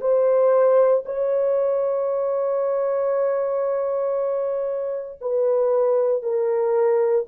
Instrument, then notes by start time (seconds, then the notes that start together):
horn
0.00 C5
1.05 C#5
5.21 B4
6.22 A#4